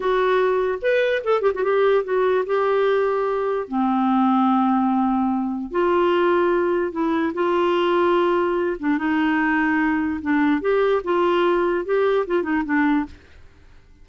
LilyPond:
\new Staff \with { instrumentName = "clarinet" } { \time 4/4 \tempo 4 = 147 fis'2 b'4 a'8 g'16 fis'16 | g'4 fis'4 g'2~ | g'4 c'2.~ | c'2 f'2~ |
f'4 e'4 f'2~ | f'4. d'8 dis'2~ | dis'4 d'4 g'4 f'4~ | f'4 g'4 f'8 dis'8 d'4 | }